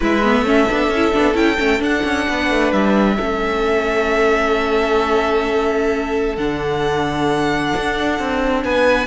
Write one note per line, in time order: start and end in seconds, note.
0.00 0.42 G#3
0.00 0.23 E4
0.00 0.44 B4
0.00 1.35 E5
0.23 0.45 B3
0.42 0.65 A3
0.42 0.67 C#4
0.42 2.27 A4
0.70 0.88 B3
0.70 0.92 D4
0.88 1.11 C#4
0.95 1.12 E4
1.12 1.34 B3
1.12 1.34 D4
1.34 1.57 C#4
1.34 1.56 E4
1.34 1.81 G5
1.57 1.80 A3
1.57 1.79 C#4
1.79 3.15 D4
1.79 2.02 D4
1.79 2.72 F#5
2.04 2.26 C#4
2.27 2.50 B3
2.27 3.16 B4
2.50 2.72 A3
2.72 3.18 G3
2.72 6.36 E5
3.16 6.37 A3
3.16 6.37 C#4
3.16 8.62 A4
6.36 7.73 D3
6.36 9.07 D4
6.36 8.63 F#5
7.76 8.19 D4
8.19 8.64 C4
8.63 9.07 B3
8.63 9.07 B4
8.63 9.07 G#5